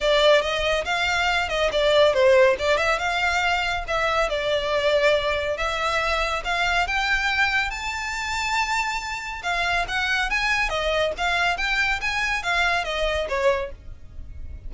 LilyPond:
\new Staff \with { instrumentName = "violin" } { \time 4/4 \tempo 4 = 140 d''4 dis''4 f''4. dis''8 | d''4 c''4 d''8 e''8 f''4~ | f''4 e''4 d''2~ | d''4 e''2 f''4 |
g''2 a''2~ | a''2 f''4 fis''4 | gis''4 dis''4 f''4 g''4 | gis''4 f''4 dis''4 cis''4 | }